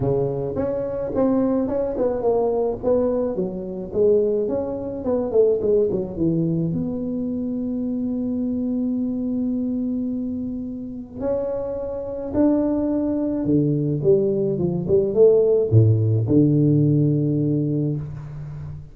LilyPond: \new Staff \with { instrumentName = "tuba" } { \time 4/4 \tempo 4 = 107 cis4 cis'4 c'4 cis'8 b8 | ais4 b4 fis4 gis4 | cis'4 b8 a8 gis8 fis8 e4 | b1~ |
b1 | cis'2 d'2 | d4 g4 f8 g8 a4 | a,4 d2. | }